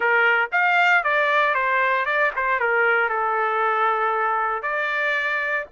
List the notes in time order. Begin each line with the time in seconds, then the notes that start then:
0.00 A#4
0.52 F5
1.03 D5
1.54 C5
2.05 D5
2.36 C5
2.59 A#4
3.09 A4
4.62 D5